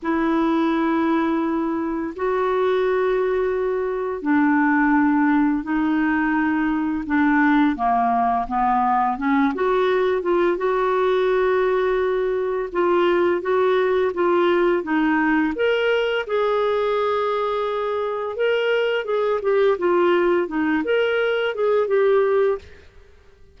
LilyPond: \new Staff \with { instrumentName = "clarinet" } { \time 4/4 \tempo 4 = 85 e'2. fis'4~ | fis'2 d'2 | dis'2 d'4 ais4 | b4 cis'8 fis'4 f'8 fis'4~ |
fis'2 f'4 fis'4 | f'4 dis'4 ais'4 gis'4~ | gis'2 ais'4 gis'8 g'8 | f'4 dis'8 ais'4 gis'8 g'4 | }